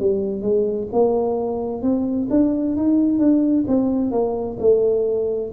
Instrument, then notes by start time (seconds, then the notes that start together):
tuba
0.00 G3
0.42 G#3
0.92 A#3
1.82 C4
2.30 D4
2.76 D#4
3.18 D4
3.68 C4
4.12 A#3
4.59 A3